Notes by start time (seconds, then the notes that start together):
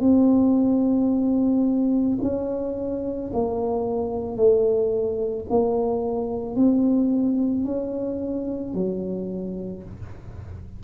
0.00 C4
2.22 C#4
3.33 A#3
4.36 A3
5.49 A#3
6.56 C4
7.65 C#4
8.74 F#3